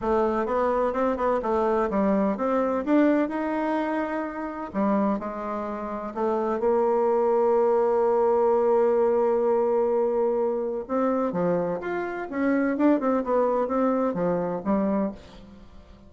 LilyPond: \new Staff \with { instrumentName = "bassoon" } { \time 4/4 \tempo 4 = 127 a4 b4 c'8 b8 a4 | g4 c'4 d'4 dis'4~ | dis'2 g4 gis4~ | gis4 a4 ais2~ |
ais1~ | ais2. c'4 | f4 f'4 cis'4 d'8 c'8 | b4 c'4 f4 g4 | }